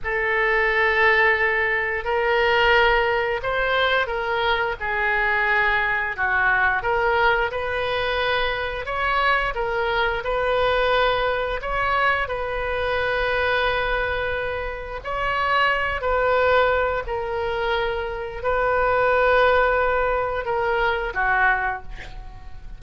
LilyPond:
\new Staff \with { instrumentName = "oboe" } { \time 4/4 \tempo 4 = 88 a'2. ais'4~ | ais'4 c''4 ais'4 gis'4~ | gis'4 fis'4 ais'4 b'4~ | b'4 cis''4 ais'4 b'4~ |
b'4 cis''4 b'2~ | b'2 cis''4. b'8~ | b'4 ais'2 b'4~ | b'2 ais'4 fis'4 | }